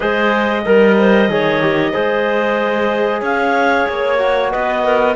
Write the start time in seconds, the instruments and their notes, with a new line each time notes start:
0.00 cello G#3, trombone G#4, clarinet C5 D#5
0.64 cello G3, clarinet A#4, trombone A#4
0.98 clarinet C5
1.28 cello D#3, trombone G#4, clarinet C#5
1.61 trombone G4
1.92 cello G#3, trombone G#4, clarinet C5
3.21 cello C#4, clarinet C#5 F5
3.88 cello A#3, clarinet C#5
4.18 trombone F#4
4.50 cello B3, clarinet B4 D#5
4.83 clarinet A#4